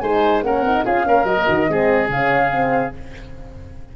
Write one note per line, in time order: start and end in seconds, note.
0.00 0.43 G#3
0.00 0.44 D#4
0.00 0.44 C5
0.00 0.42 G#5
0.43 0.61 A#3
0.43 0.65 C#4
0.43 0.85 A#4
0.43 0.85 F#5
0.61 0.82 C4
0.61 0.86 D#4
0.85 1.07 C#4
0.85 1.05 F4
0.85 1.06 G#4
0.85 1.26 F5
1.05 1.24 A#3
1.05 1.25 C#4
1.05 1.71 A#4
1.24 1.45 F#3
1.24 1.37 F#4
1.24 2.09 D#5
1.37 1.46 A#3
1.46 1.69 D#3
1.46 1.67 F#4
1.68 2.09 G#3
1.68 2.10 C4
1.68 2.96 G#4
2.09 2.92 C#3
2.09 2.51 C#4
2.09 2.94 F5
2.51 2.93 C4